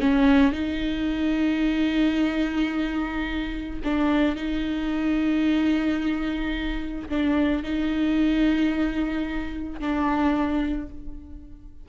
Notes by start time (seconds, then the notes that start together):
0.00 C#4
0.53 D#4
3.84 D4
4.36 D#4
7.09 D4
7.63 D#4
9.80 D4